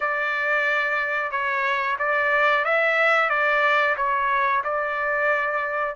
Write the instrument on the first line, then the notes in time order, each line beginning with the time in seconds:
trumpet
0.00 D5
1.31 C#5
1.98 D5
2.64 E5
3.29 D5
3.96 C#5
4.64 D5